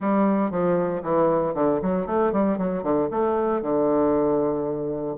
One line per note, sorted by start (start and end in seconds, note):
0.00 0.50 G3
0.50 1.02 F3
1.02 1.54 E3
1.54 1.80 D3
1.82 2.06 F#3
2.06 2.32 A3
2.32 2.57 G3
2.57 2.83 F#3
2.83 3.08 D3
3.11 3.62 A3
3.62 5.17 D3